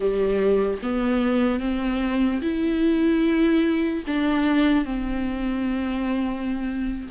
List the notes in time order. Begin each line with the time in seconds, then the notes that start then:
0.00 G3
0.82 B3
1.60 C4
2.41 E4
4.07 D4
4.84 C4